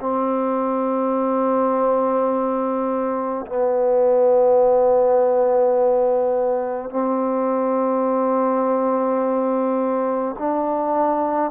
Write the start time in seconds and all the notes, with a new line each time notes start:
0.00 C4
3.46 B3
6.90 C4
10.38 D4